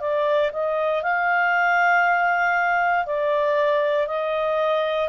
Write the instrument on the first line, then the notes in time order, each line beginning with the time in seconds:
clarinet
0.00 D5
0.53 D#5
1.03 F5
3.06 D5
4.07 D#5